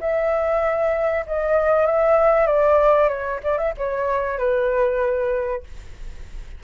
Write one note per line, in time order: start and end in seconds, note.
0.00 1.25 E5
1.27 1.86 D#5
1.86 2.47 E5
2.47 3.08 D5
3.08 3.39 C#5
3.43 3.58 D5
3.58 3.73 E5
3.77 4.38 C#5
4.38 5.63 B4